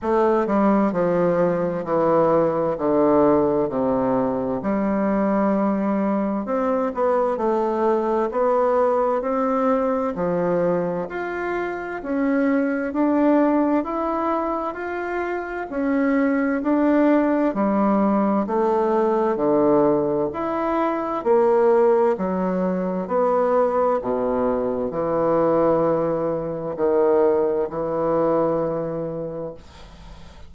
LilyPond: \new Staff \with { instrumentName = "bassoon" } { \time 4/4 \tempo 4 = 65 a8 g8 f4 e4 d4 | c4 g2 c'8 b8 | a4 b4 c'4 f4 | f'4 cis'4 d'4 e'4 |
f'4 cis'4 d'4 g4 | a4 d4 e'4 ais4 | fis4 b4 b,4 e4~ | e4 dis4 e2 | }